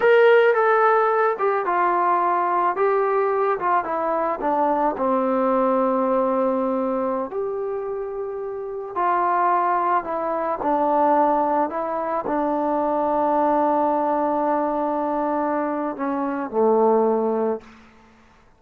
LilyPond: \new Staff \with { instrumentName = "trombone" } { \time 4/4 \tempo 4 = 109 ais'4 a'4. g'8 f'4~ | f'4 g'4. f'8 e'4 | d'4 c'2.~ | c'4~ c'16 g'2~ g'8.~ |
g'16 f'2 e'4 d'8.~ | d'4~ d'16 e'4 d'4.~ d'16~ | d'1~ | d'4 cis'4 a2 | }